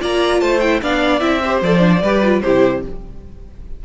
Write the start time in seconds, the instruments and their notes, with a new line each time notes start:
0.00 cello A#3, viola F4, violin D5 A#5
0.41 cello A3, violin C5 A5
0.60 viola E4, violin G5
0.82 cello B3, viola D4, violin D5 F5
1.20 cello C4, viola E4, violin E5
1.43 viola G4, violin C5
1.62 cello F3, viola A4, violin D5
1.79 viola D4
2.02 cello G3, viola G4, violin B4
2.23 viola F4
2.41 cello C3, viola E4, violin G4 C5